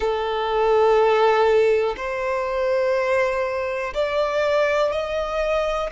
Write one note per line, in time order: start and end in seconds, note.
0.00 1.94 A4
1.96 3.93 C5
3.93 4.91 D5
4.91 5.90 D#5